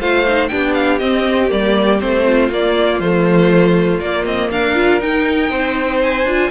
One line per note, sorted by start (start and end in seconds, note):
0.00 0.50 A3
0.00 0.26 F4
0.00 0.51 C5
0.00 0.48 F5
0.27 0.50 D#4
0.48 1.01 B3
0.48 1.00 D4
0.48 2.25 G4
0.48 0.73 G5
0.74 0.99 F5
0.99 1.49 C4
0.99 1.51 C4
0.99 1.49 D#5
1.49 2.02 G3
1.49 1.99 A#3
1.49 2.00 D5
2.00 2.50 A3
2.00 2.50 C4
2.00 2.50 C5
2.25 4.50 F4
2.50 3.00 A#3
2.50 3.02 A#3
2.50 3.00 D5
3.00 4.00 F3
3.00 4.02 A3
3.00 4.00 C5
4.00 4.25 A#3
4.00 4.75 A#3
4.00 4.25 D5
4.25 4.50 C4
4.25 4.50 D#5
4.51 5.01 D4
4.51 5.51 A#4
4.51 5.01 F5
4.75 5.00 F4
5.00 6.25 D#4
5.00 5.50 D#4
5.00 6.01 G5
5.50 6.25 C4
5.50 6.51 C5
6.02 6.51 G#5
6.25 6.50 D4
6.25 6.51 F4